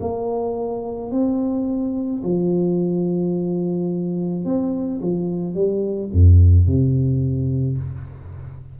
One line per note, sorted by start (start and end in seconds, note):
0.00 1.11 A#3
1.11 2.22 C4
2.24 4.44 F3
4.44 5.00 C4
5.02 5.55 F3
5.55 6.10 G3
6.12 6.67 F2
6.67 7.78 C3